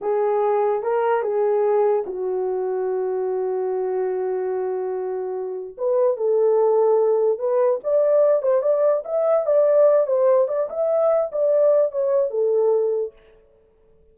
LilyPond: \new Staff \with { instrumentName = "horn" } { \time 4/4 \tempo 4 = 146 gis'2 ais'4 gis'4~ | gis'4 fis'2.~ | fis'1~ | fis'2 b'4 a'4~ |
a'2 b'4 d''4~ | d''8 c''8 d''4 e''4 d''4~ | d''8 c''4 d''8 e''4. d''8~ | d''4 cis''4 a'2 | }